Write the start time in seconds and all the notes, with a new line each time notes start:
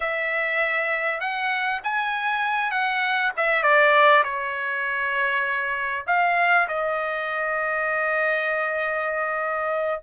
0.00 E5
1.20 F#5
1.83 G#5
2.71 F#5
3.36 E5
3.62 D5
4.23 C#5
6.06 F5
6.67 D#5